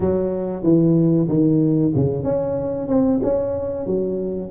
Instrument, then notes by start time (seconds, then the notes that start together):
tuba
0.00 F#3
0.63 E3
1.28 D#3
1.95 C#3
2.23 C#4
2.88 C4
3.23 C#4
3.86 F#3